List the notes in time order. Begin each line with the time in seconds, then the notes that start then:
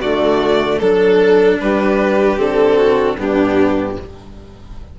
0.00 D3 A3 F#4 D5
0.79 F#3 D4 A4
1.60 G3 G4 B4
2.37 D3 C4 A4
2.77 F#4
3.17 G2 B3 D4 G4